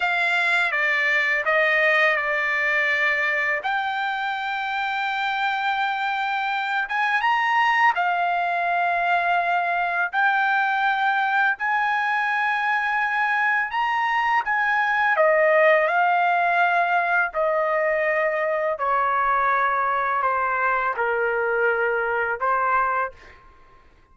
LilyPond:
\new Staff \with { instrumentName = "trumpet" } { \time 4/4 \tempo 4 = 83 f''4 d''4 dis''4 d''4~ | d''4 g''2.~ | g''4. gis''8 ais''4 f''4~ | f''2 g''2 |
gis''2. ais''4 | gis''4 dis''4 f''2 | dis''2 cis''2 | c''4 ais'2 c''4 | }